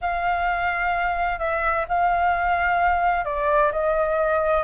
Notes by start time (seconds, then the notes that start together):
0.01 F5
1.38 E5
1.88 F5
3.25 D5
3.71 D#5